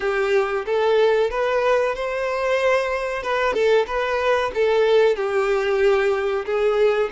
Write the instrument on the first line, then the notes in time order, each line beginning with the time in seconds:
violin
0.00 G4
0.65 A4
1.30 B4
1.95 C5
3.22 B4
3.53 A4
3.87 B4
4.54 A4
5.16 G4
6.45 G#4